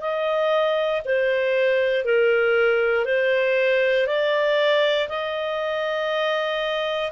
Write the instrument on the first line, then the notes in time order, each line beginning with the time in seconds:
clarinet
0.00 D#5
1.04 C5
2.04 A#4
3.05 C5
4.06 D5
5.08 D#5